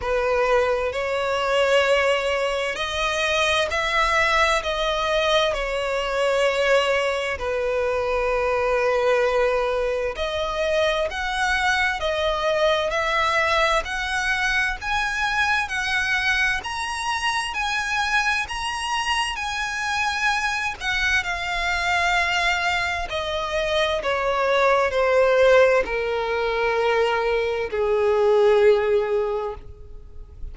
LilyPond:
\new Staff \with { instrumentName = "violin" } { \time 4/4 \tempo 4 = 65 b'4 cis''2 dis''4 | e''4 dis''4 cis''2 | b'2. dis''4 | fis''4 dis''4 e''4 fis''4 |
gis''4 fis''4 ais''4 gis''4 | ais''4 gis''4. fis''8 f''4~ | f''4 dis''4 cis''4 c''4 | ais'2 gis'2 | }